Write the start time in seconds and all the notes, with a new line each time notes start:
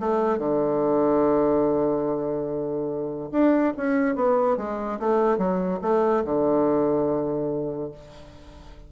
0.00 A3
0.38 D3
3.32 D4
3.77 C#4
4.16 B3
4.57 G#3
5.00 A3
5.38 F#3
5.82 A3
6.25 D3